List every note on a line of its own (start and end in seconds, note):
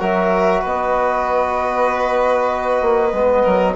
0.00 0.63 F#3
0.00 3.12 F#4
0.00 0.61 A#4
0.00 0.65 E5
0.61 2.82 B3
0.61 3.42 B4
0.61 3.77 D#5
2.82 3.13 A#3
3.13 3.45 G#3
3.13 3.75 B3
3.43 3.77 F#3
3.43 3.74 A#4